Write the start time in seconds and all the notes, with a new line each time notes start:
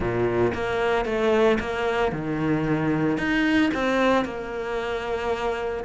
0.00 A#2
0.54 A#3
1.05 A3
1.59 A#3
2.12 D#3
3.17 D#4
3.74 C4
4.24 A#3